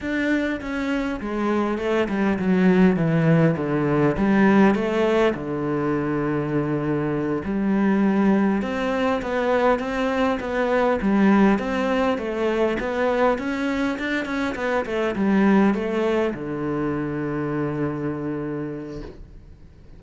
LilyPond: \new Staff \with { instrumentName = "cello" } { \time 4/4 \tempo 4 = 101 d'4 cis'4 gis4 a8 g8 | fis4 e4 d4 g4 | a4 d2.~ | d8 g2 c'4 b8~ |
b8 c'4 b4 g4 c'8~ | c'8 a4 b4 cis'4 d'8 | cis'8 b8 a8 g4 a4 d8~ | d1 | }